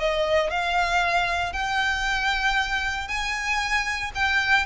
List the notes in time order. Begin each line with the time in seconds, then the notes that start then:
0.00 D#5
0.51 F5
1.53 G5
3.08 G#5
4.15 G5